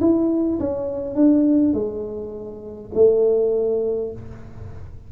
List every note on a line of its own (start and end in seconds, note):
0.00 0.59 E4
0.59 1.15 C#4
1.15 1.73 D4
1.73 2.91 G#3
2.94 4.12 A3